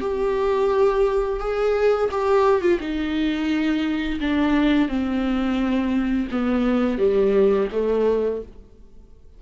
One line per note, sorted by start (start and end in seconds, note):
0.00 1.40 G4
1.40 2.09 G#4
2.11 2.61 G4
2.61 2.78 F4
2.80 4.19 D#4
4.20 4.88 D4
4.88 6.28 C4
6.31 6.98 B3
6.98 7.68 G3
7.72 8.42 A3